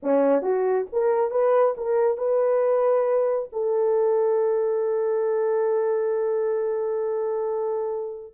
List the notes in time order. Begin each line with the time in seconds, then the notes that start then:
0.02 C#4
0.41 F#4
0.92 A#4
1.30 B4
1.77 A#4
2.17 B4
3.52 A4